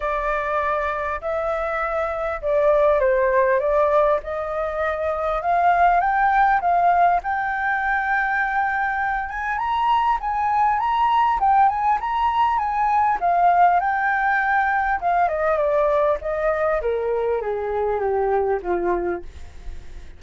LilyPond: \new Staff \with { instrumentName = "flute" } { \time 4/4 \tempo 4 = 100 d''2 e''2 | d''4 c''4 d''4 dis''4~ | dis''4 f''4 g''4 f''4 | g''2.~ g''8 gis''8 |
ais''4 gis''4 ais''4 g''8 gis''8 | ais''4 gis''4 f''4 g''4~ | g''4 f''8 dis''8 d''4 dis''4 | ais'4 gis'4 g'4 f'4 | }